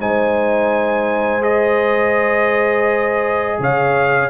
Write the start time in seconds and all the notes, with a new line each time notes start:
0.00 G#3 D#4 C5 G#5
1.42 G#4 D#5
3.59 C#3 C#5 F5